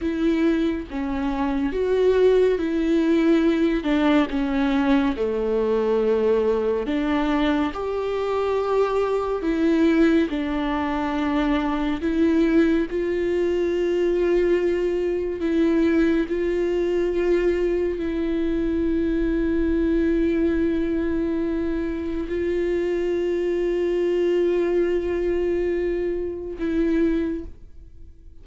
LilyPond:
\new Staff \with { instrumentName = "viola" } { \time 4/4 \tempo 4 = 70 e'4 cis'4 fis'4 e'4~ | e'8 d'8 cis'4 a2 | d'4 g'2 e'4 | d'2 e'4 f'4~ |
f'2 e'4 f'4~ | f'4 e'2.~ | e'2 f'2~ | f'2. e'4 | }